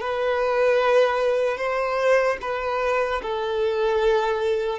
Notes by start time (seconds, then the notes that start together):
0.00 B4
1.57 C5
2.41 B4
3.22 A4